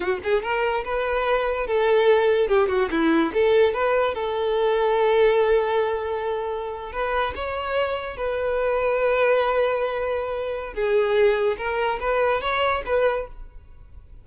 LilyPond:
\new Staff \with { instrumentName = "violin" } { \time 4/4 \tempo 4 = 145 fis'8 gis'8 ais'4 b'2 | a'2 g'8 fis'8 e'4 | a'4 b'4 a'2~ | a'1~ |
a'8. b'4 cis''2 b'16~ | b'1~ | b'2 gis'2 | ais'4 b'4 cis''4 b'4 | }